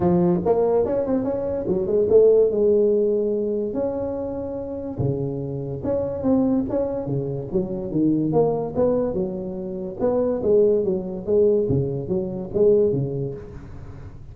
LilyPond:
\new Staff \with { instrumentName = "tuba" } { \time 4/4 \tempo 4 = 144 f4 ais4 cis'8 c'8 cis'4 | fis8 gis8 a4 gis2~ | gis4 cis'2. | cis2 cis'4 c'4 |
cis'4 cis4 fis4 dis4 | ais4 b4 fis2 | b4 gis4 fis4 gis4 | cis4 fis4 gis4 cis4 | }